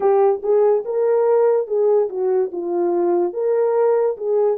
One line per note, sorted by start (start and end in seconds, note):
0.00 0.41 G4
0.42 0.84 G#4
0.84 1.67 A#4
1.67 2.08 G#4
2.09 2.50 F#4
2.52 3.33 F4
3.33 4.16 A#4
4.17 4.57 G#4